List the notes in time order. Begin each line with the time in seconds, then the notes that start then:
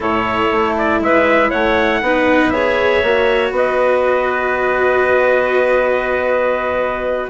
0.00 A2 E4 A4 C#5
0.51 A3
0.77 D5
1.00 G#3 B4 E5
1.50 A3 C#5 F#5
2.01 B3 D#4 B4
2.49 G#4 C#5 E5
3.02 A#3 F#4
3.51 B3 B4 D#5